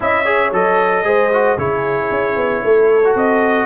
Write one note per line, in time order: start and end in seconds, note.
0.00 0.51 C#4
0.00 0.25 E4
0.00 0.25 D#5
0.00 0.54 E5
0.25 0.51 G#4
0.25 1.04 C#5
0.51 1.03 F#3
0.51 1.04 A4
0.51 1.58 D#5
1.03 1.56 G#3
1.03 1.30 G#4
1.03 1.57 C5
1.33 1.58 F#4
1.57 2.09 C#3
1.57 3.03 E4
1.57 2.63 G#4
1.57 3.16 C#5
2.10 2.36 C#4
2.36 2.62 B3
2.63 3.15 A3
2.63 3.66 A4
3.04 3.66 F#4
3.15 3.66 C4
3.15 3.66 D#5